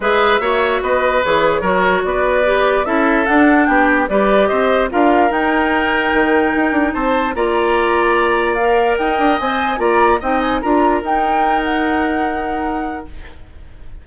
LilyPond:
<<
  \new Staff \with { instrumentName = "flute" } { \time 4/4 \tempo 4 = 147 e''2 dis''4 cis''4~ | cis''4 d''2 e''4 | fis''4 g''4 d''4 dis''4 | f''4 g''2.~ |
g''4 a''4 ais''2~ | ais''4 f''4 g''4 gis''4 | ais''4 g''8 gis''8 ais''4 g''4~ | g''8 fis''2.~ fis''8 | }
  \new Staff \with { instrumentName = "oboe" } { \time 4/4 b'4 cis''4 b'2 | ais'4 b'2 a'4~ | a'4 g'4 b'4 c''4 | ais'1~ |
ais'4 c''4 d''2~ | d''2 dis''2 | d''4 dis''4 ais'2~ | ais'1 | }
  \new Staff \with { instrumentName = "clarinet" } { \time 4/4 gis'4 fis'2 gis'4 | fis'2 g'4 e'4 | d'2 g'2 | f'4 dis'2.~ |
dis'2 f'2~ | f'4 ais'2 c''4 | f'4 dis'4 f'4 dis'4~ | dis'1 | }
  \new Staff \with { instrumentName = "bassoon" } { \time 4/4 gis4 ais4 b4 e4 | fis4 b2 cis'4 | d'4 b4 g4 c'4 | d'4 dis'2 dis4 |
dis'8 d'8 c'4 ais2~ | ais2 dis'8 d'8 c'4 | ais4 c'4 d'4 dis'4~ | dis'1 | }
>>